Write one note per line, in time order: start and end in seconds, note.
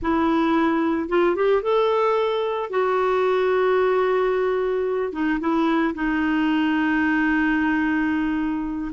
0.01 1.08 E4
1.08 1.35 F4
1.35 1.62 G4
1.62 2.70 A4
2.70 5.12 F#4
5.12 5.39 D#4
5.40 5.94 E4
5.94 8.91 D#4